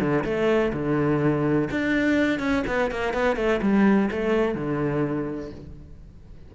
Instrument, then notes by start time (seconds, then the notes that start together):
cello
0.00 D3
0.24 A3
0.73 D3
1.71 D4
2.39 C#4
2.67 B3
2.91 A#3
3.13 B3
3.36 A3
3.62 G3
4.11 A3
4.54 D3